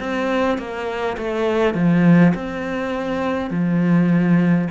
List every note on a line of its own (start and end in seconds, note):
0.00 0.58 C4
0.58 1.17 A#3
1.18 1.75 A3
1.75 2.34 F3
2.35 3.51 C4
3.51 4.68 F3